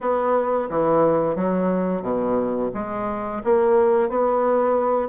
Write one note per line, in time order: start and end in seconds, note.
0.01 0.69 B3
0.69 1.35 E3
1.35 2.01 F#3
2.01 2.70 B2
2.74 3.42 G#3
3.44 4.09 A#3
4.09 5.08 B3